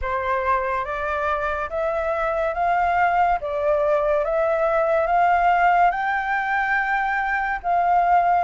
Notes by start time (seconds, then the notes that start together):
0.01 C5
0.85 D5
1.69 E5
2.54 F5
3.40 D5
4.24 E5
5.07 F5
5.90 G5
7.62 F5